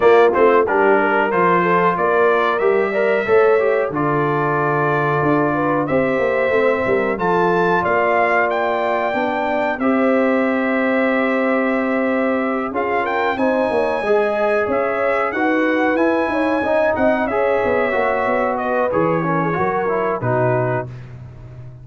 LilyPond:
<<
  \new Staff \with { instrumentName = "trumpet" } { \time 4/4 \tempo 4 = 92 d''8 c''8 ais'4 c''4 d''4 | e''2 d''2~ | d''4 e''2 a''4 | f''4 g''2 e''4~ |
e''2.~ e''8 f''8 | g''8 gis''2 e''4 fis''8~ | fis''8 gis''4. fis''8 e''4.~ | e''8 dis''8 cis''2 b'4 | }
  \new Staff \with { instrumentName = "horn" } { \time 4/4 f'4 g'8 ais'4 a'8 ais'4~ | ais'8 d''8 cis''4 a'2~ | a'8 b'8 c''4. ais'8 a'4 | d''2. c''4~ |
c''2.~ c''8 gis'8 | ais'8 c''8 cis''8 dis''4 cis''4 b'8~ | b'4 cis''8 dis''4 cis''4.~ | cis''8 b'4 ais'16 gis'16 ais'4 fis'4 | }
  \new Staff \with { instrumentName = "trombone" } { \time 4/4 ais8 c'8 d'4 f'2 | g'8 ais'8 a'8 g'8 f'2~ | f'4 g'4 c'4 f'4~ | f'2 d'4 g'4~ |
g'2.~ g'8 f'8~ | f'8 dis'4 gis'2 fis'8~ | fis'8 e'4 dis'4 gis'4 fis'8~ | fis'4 gis'8 cis'8 fis'8 e'8 dis'4 | }
  \new Staff \with { instrumentName = "tuba" } { \time 4/4 ais8 a8 g4 f4 ais4 | g4 a4 d2 | d'4 c'8 ais8 a8 g8 f4 | ais2 b4 c'4~ |
c'2.~ c'8 cis'8~ | cis'8 c'8 ais8 gis4 cis'4 dis'8~ | dis'8 e'8 dis'8 cis'8 c'8 cis'8 b8 ais8 | b4 e4 fis4 b,4 | }
>>